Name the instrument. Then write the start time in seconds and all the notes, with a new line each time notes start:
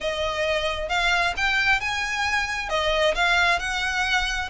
violin
0.00 D#5
0.88 F5
1.37 G5
1.80 G#5
2.69 D#5
3.15 F5
3.59 F#5